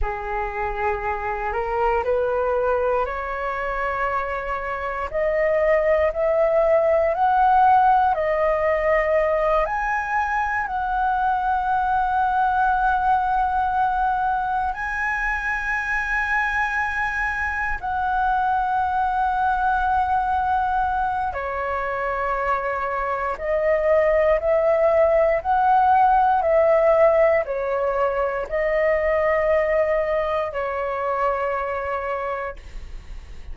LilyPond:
\new Staff \with { instrumentName = "flute" } { \time 4/4 \tempo 4 = 59 gis'4. ais'8 b'4 cis''4~ | cis''4 dis''4 e''4 fis''4 | dis''4. gis''4 fis''4.~ | fis''2~ fis''8 gis''4.~ |
gis''4. fis''2~ fis''8~ | fis''4 cis''2 dis''4 | e''4 fis''4 e''4 cis''4 | dis''2 cis''2 | }